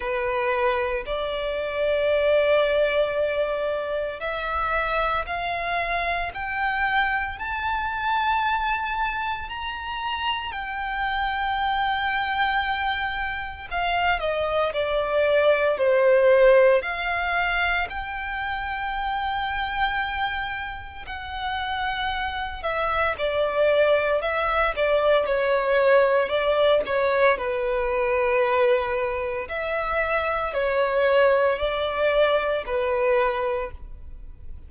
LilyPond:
\new Staff \with { instrumentName = "violin" } { \time 4/4 \tempo 4 = 57 b'4 d''2. | e''4 f''4 g''4 a''4~ | a''4 ais''4 g''2~ | g''4 f''8 dis''8 d''4 c''4 |
f''4 g''2. | fis''4. e''8 d''4 e''8 d''8 | cis''4 d''8 cis''8 b'2 | e''4 cis''4 d''4 b'4 | }